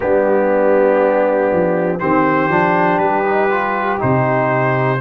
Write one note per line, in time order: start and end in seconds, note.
0.00 1.51 G3
0.00 1.99 B3
0.00 1.99 D4
0.00 1.99 G4
1.51 2.01 F3
1.99 2.48 D#3
1.99 2.50 C4
1.99 4.99 G4
1.99 2.98 C5
2.48 2.98 F3
2.48 3.24 D4
2.98 3.98 G3
2.98 3.98 B4
3.24 3.49 D#4
3.49 3.98 F4
3.98 5.01 C3
3.98 4.98 D#4
3.98 5.01 C5